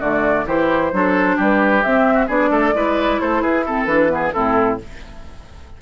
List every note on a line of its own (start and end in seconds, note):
0.00 0.47 D3
0.00 0.46 A3
0.00 0.45 F#4
0.00 0.47 D5
0.47 0.93 E3
0.47 0.92 E4
0.47 0.92 G4
0.47 1.39 C5
0.92 1.38 F#3
0.92 1.83 D4
0.92 1.37 A4
1.37 1.84 G3
1.37 2.14 G4
1.43 1.83 B4
1.83 2.29 C4
1.83 2.29 E5
2.14 2.26 F#4
2.27 2.51 B3
2.27 2.74 D4
2.27 2.50 G#4
2.27 3.21 D5
2.51 2.73 A3
2.51 2.74 A4
2.74 3.20 G#3
2.74 3.65 E4
2.74 3.22 B4
3.21 3.41 A3
3.21 3.42 A4
3.21 3.43 C5
3.41 3.86 E4
3.41 3.65 G#4
3.41 3.65 B4
3.65 3.88 C4
3.65 4.11 A4
3.65 3.86 A4
3.86 4.32 E3
3.86 4.09 D4
3.86 4.31 B4
4.09 4.32 B3
4.09 4.34 G#4
4.33 4.82 A2
4.33 4.80 C4
4.33 4.80 E4
4.33 4.79 A4